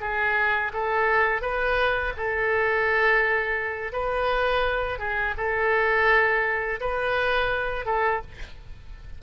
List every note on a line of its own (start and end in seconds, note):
0.00 0.71 G#4
0.73 1.41 A4
1.41 2.13 B4
2.16 3.92 A4
3.92 4.98 B4
4.98 5.34 G#4
5.37 6.80 A4
6.80 7.85 B4
7.85 8.21 A4